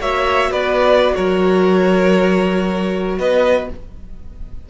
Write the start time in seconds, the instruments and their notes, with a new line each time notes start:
0.00 cello A#3, viola F#4, violin C#5 E5
0.51 cello B3, violin B4 D5
1.15 cello F#3, violin A#4 C#5
3.18 cello B3, violin B4 D#5